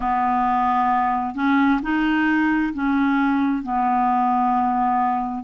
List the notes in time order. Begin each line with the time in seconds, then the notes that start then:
0.00 B3
1.34 C#4
1.82 D#4
2.73 C#4
3.62 B3